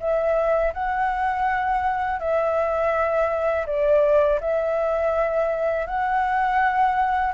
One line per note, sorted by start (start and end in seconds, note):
0.00 0.73 E5
0.73 2.19 F#5
2.19 3.66 E5
3.66 4.39 D5
4.40 5.86 E5
5.86 7.32 F#5